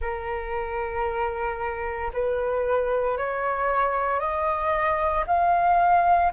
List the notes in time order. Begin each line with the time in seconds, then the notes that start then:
0.00 A#4
2.13 B4
3.17 C#5
4.19 D#5
5.26 F5